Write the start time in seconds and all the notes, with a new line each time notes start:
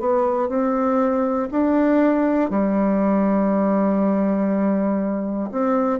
0.00 B3
0.50 C4
1.51 D4
2.51 G3
5.52 C4